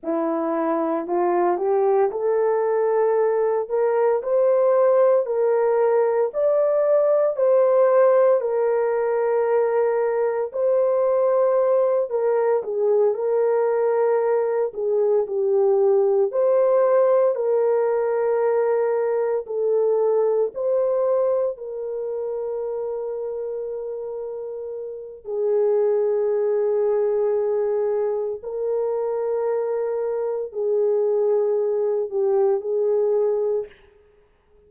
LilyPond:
\new Staff \with { instrumentName = "horn" } { \time 4/4 \tempo 4 = 57 e'4 f'8 g'8 a'4. ais'8 | c''4 ais'4 d''4 c''4 | ais'2 c''4. ais'8 | gis'8 ais'4. gis'8 g'4 c''8~ |
c''8 ais'2 a'4 c''8~ | c''8 ais'2.~ ais'8 | gis'2. ais'4~ | ais'4 gis'4. g'8 gis'4 | }